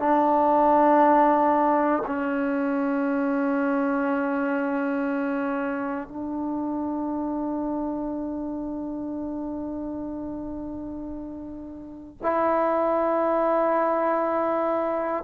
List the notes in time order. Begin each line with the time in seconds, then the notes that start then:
0.00 D4
2.07 C#4
6.08 D4
12.23 E4